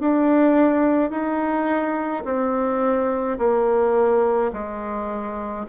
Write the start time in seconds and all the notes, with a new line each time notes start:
0.00 D4
1.10 D#4
2.24 C4
3.39 A#3
4.52 G#3